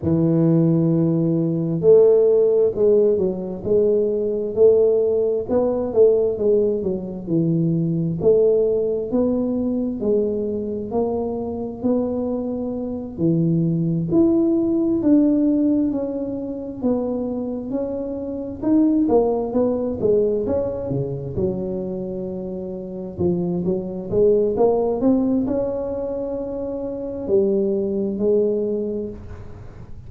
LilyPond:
\new Staff \with { instrumentName = "tuba" } { \time 4/4 \tempo 4 = 66 e2 a4 gis8 fis8 | gis4 a4 b8 a8 gis8 fis8 | e4 a4 b4 gis4 | ais4 b4. e4 e'8~ |
e'8 d'4 cis'4 b4 cis'8~ | cis'8 dis'8 ais8 b8 gis8 cis'8 cis8 fis8~ | fis4. f8 fis8 gis8 ais8 c'8 | cis'2 g4 gis4 | }